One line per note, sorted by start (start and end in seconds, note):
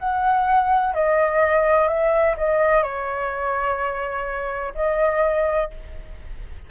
0.00 0.94 F#5
0.94 1.89 D#5
1.89 2.36 E5
2.38 2.84 D#5
2.84 4.74 C#5
4.75 5.71 D#5